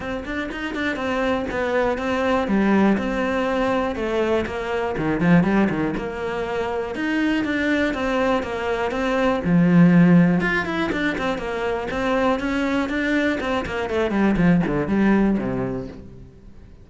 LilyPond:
\new Staff \with { instrumentName = "cello" } { \time 4/4 \tempo 4 = 121 c'8 d'8 dis'8 d'8 c'4 b4 | c'4 g4 c'2 | a4 ais4 dis8 f8 g8 dis8 | ais2 dis'4 d'4 |
c'4 ais4 c'4 f4~ | f4 f'8 e'8 d'8 c'8 ais4 | c'4 cis'4 d'4 c'8 ais8 | a8 g8 f8 d8 g4 c4 | }